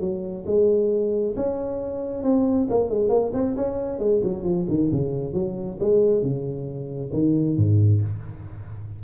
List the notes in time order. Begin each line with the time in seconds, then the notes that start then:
0.00 F#3
0.46 G#3
1.36 C#4
2.23 C4
2.70 A#3
2.89 G#3
3.09 A#3
3.33 C4
3.56 C#4
3.99 G#3
4.24 F#3
4.43 F3
4.68 D#3
4.92 C#3
5.34 F#3
5.80 G#3
6.22 C#3
7.13 D#3
7.57 G#2